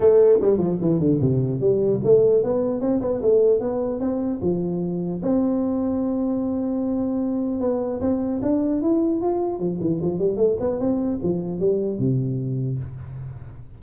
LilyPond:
\new Staff \with { instrumentName = "tuba" } { \time 4/4 \tempo 4 = 150 a4 g8 f8 e8 d8 c4 | g4 a4 b4 c'8 b8 | a4 b4 c'4 f4~ | f4 c'2.~ |
c'2. b4 | c'4 d'4 e'4 f'4 | f8 e8 f8 g8 a8 b8 c'4 | f4 g4 c2 | }